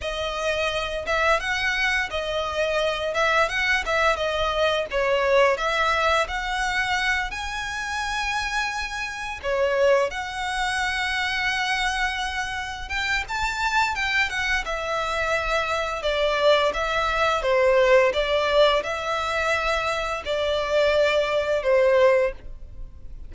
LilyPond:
\new Staff \with { instrumentName = "violin" } { \time 4/4 \tempo 4 = 86 dis''4. e''8 fis''4 dis''4~ | dis''8 e''8 fis''8 e''8 dis''4 cis''4 | e''4 fis''4. gis''4.~ | gis''4. cis''4 fis''4.~ |
fis''2~ fis''8 g''8 a''4 | g''8 fis''8 e''2 d''4 | e''4 c''4 d''4 e''4~ | e''4 d''2 c''4 | }